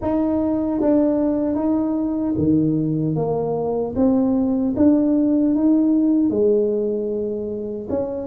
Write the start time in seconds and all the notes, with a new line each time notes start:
0.01 D#4
0.80 D4
1.55 D#4
2.37 D#3
3.15 A#3
3.95 C4
4.76 D4
5.54 D#4
6.29 G#3
7.89 C#4